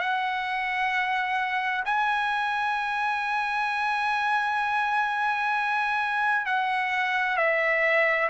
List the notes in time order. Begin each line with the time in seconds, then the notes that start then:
0.00 F#5
1.85 G#5
6.46 F#5
7.37 E5